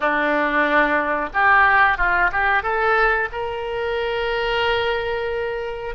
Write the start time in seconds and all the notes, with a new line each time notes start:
0.00 D4
1.33 G4
1.97 F4
2.32 G4
2.62 A4
3.32 A#4